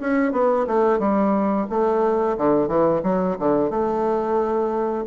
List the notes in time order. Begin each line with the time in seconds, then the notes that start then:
0.00 C#4
0.32 B3
0.67 A3
0.99 G3
1.70 A3
2.37 D3
2.68 E3
3.03 F#3
3.39 D3
3.70 A3